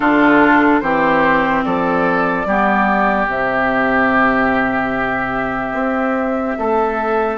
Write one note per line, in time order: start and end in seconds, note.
0.00 0.80 D3
0.00 0.82 D4
0.00 0.79 F4
0.00 0.80 A4
0.80 1.63 E3
0.80 2.46 C4
0.80 1.65 G4
0.80 1.62 C5
1.63 2.45 F3
1.63 2.47 A4
1.63 3.27 D5
2.45 3.27 G3
2.45 3.27 B3
2.45 6.58 G4
3.27 5.72 C3
3.27 7.37 C4
3.27 7.37 E5
5.72 6.54 C4
6.58 7.37 A3
6.58 7.37 A4